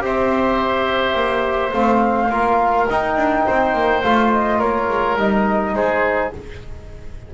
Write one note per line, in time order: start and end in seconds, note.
0.00 1.15 C4
0.00 1.71 G4
0.00 2.33 C5
0.00 1.72 E5
1.15 1.72 A#3
1.72 2.29 A3
1.72 2.29 C4
1.72 2.86 F5
2.29 2.86 A#3
2.29 2.87 F4
2.29 3.45 A#4
2.89 4.03 D#4
2.89 3.16 D#4
2.89 4.03 G5
3.16 3.45 D4
3.45 3.74 C4
3.45 4.58 C5
3.74 4.02 A#3
4.03 4.60 A3
4.03 5.18 F4
4.03 4.31 F5
4.32 4.60 D#5
4.58 4.88 A#3
4.58 5.72 A#4
4.58 5.17 C#5
4.88 5.16 G#3
5.16 5.73 G3
5.16 6.32 D#4
5.16 5.75 D#5
5.73 6.30 G#3
5.73 6.34 G#4
5.73 6.32 C5